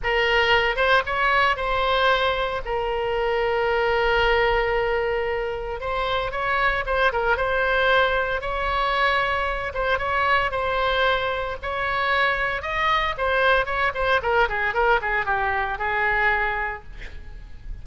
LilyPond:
\new Staff \with { instrumentName = "oboe" } { \time 4/4 \tempo 4 = 114 ais'4. c''8 cis''4 c''4~ | c''4 ais'2.~ | ais'2. c''4 | cis''4 c''8 ais'8 c''2 |
cis''2~ cis''8 c''8 cis''4 | c''2 cis''2 | dis''4 c''4 cis''8 c''8 ais'8 gis'8 | ais'8 gis'8 g'4 gis'2 | }